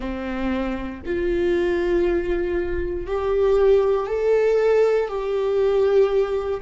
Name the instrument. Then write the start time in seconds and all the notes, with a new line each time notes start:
viola
0.00 C4
1.05 F4
3.06 G4
4.07 A4
5.08 G4